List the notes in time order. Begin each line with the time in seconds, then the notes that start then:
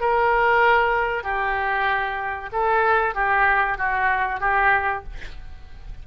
0.00 A#4
1.23 G4
2.52 A4
3.15 G4
3.78 F#4
4.40 G4